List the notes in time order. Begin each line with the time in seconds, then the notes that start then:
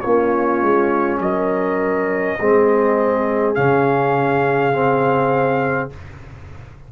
0.00 A#3 C#4 F4 C#5
0.61 G#3
1.19 F#3 A#4 D#5
2.38 G#3 C4 G#4
3.54 C#3 C#4 F5
4.72 C4